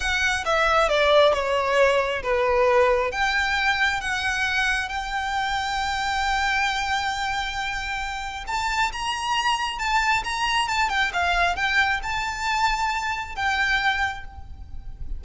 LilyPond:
\new Staff \with { instrumentName = "violin" } { \time 4/4 \tempo 4 = 135 fis''4 e''4 d''4 cis''4~ | cis''4 b'2 g''4~ | g''4 fis''2 g''4~ | g''1~ |
g''2. a''4 | ais''2 a''4 ais''4 | a''8 g''8 f''4 g''4 a''4~ | a''2 g''2 | }